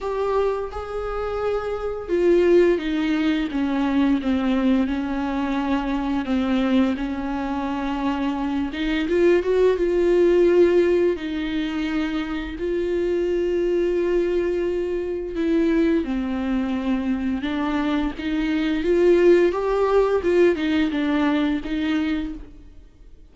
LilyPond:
\new Staff \with { instrumentName = "viola" } { \time 4/4 \tempo 4 = 86 g'4 gis'2 f'4 | dis'4 cis'4 c'4 cis'4~ | cis'4 c'4 cis'2~ | cis'8 dis'8 f'8 fis'8 f'2 |
dis'2 f'2~ | f'2 e'4 c'4~ | c'4 d'4 dis'4 f'4 | g'4 f'8 dis'8 d'4 dis'4 | }